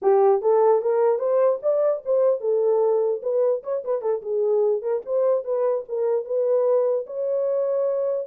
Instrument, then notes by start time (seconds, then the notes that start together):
horn
0.01 G4
0.41 A4
0.81 A#4
1.18 C5
1.62 D5
2.05 C5
2.40 A4
3.22 B4
3.63 C#5
3.84 B4
4.01 A4
4.22 G#4
4.81 A#4
5.05 C5
5.44 B4
5.88 A#4
6.25 B4
7.06 C#5